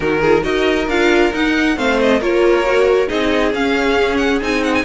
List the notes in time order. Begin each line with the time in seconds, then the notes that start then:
0.00 D#3 D#4 F#4 A#4
0.20 F4 G#4
0.41 D#4 F#4 A#4 D#5
0.87 D4 F4 F5
1.33 D#4 F#5
1.76 A3 C4 C5 F5
2.00 D#5
2.20 A#3 F4 A#4 C#5
2.65 F#4
3.07 C4 D#4 G#4 D#5
3.53 C#4 F5
4.16 F#5
4.41 C4 D#4 G#5
4.63 F#5
4.74 G#5